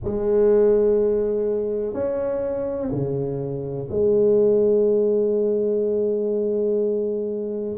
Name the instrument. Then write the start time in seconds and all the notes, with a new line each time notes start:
tuba
0.04 G#3
1.94 C#4
2.91 C#3
3.90 G#3